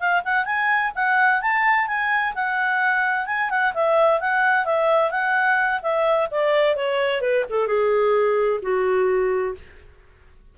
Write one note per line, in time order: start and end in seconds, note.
0.00 0.23 F5
0.25 0.46 F#5
0.46 0.92 G#5
0.95 1.42 F#5
1.42 1.87 A5
1.87 2.34 G#5
2.35 3.27 F#5
3.27 3.50 G#5
3.50 3.74 F#5
3.74 4.21 E5
4.21 4.65 F#5
4.65 5.11 E5
5.11 5.81 F#5
5.82 6.29 E5
6.31 6.76 D5
6.76 7.22 C#5
7.22 7.45 B4
7.50 7.67 A4
7.67 8.60 G#4
8.62 9.55 F#4